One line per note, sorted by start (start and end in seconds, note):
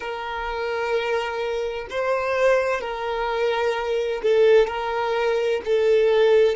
0.00 1.87 A#4
1.90 2.80 C5
2.80 4.21 A#4
4.22 4.67 A4
4.67 5.61 A#4
5.65 6.55 A4